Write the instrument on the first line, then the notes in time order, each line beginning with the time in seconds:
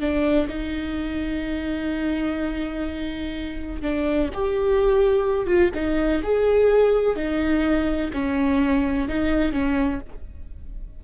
viola
0.00 D4
0.48 D#4
3.82 D4
4.34 G4
5.46 F4
5.74 D#4
6.23 G#4
7.16 D#4
8.13 C#4
9.08 D#4
9.52 C#4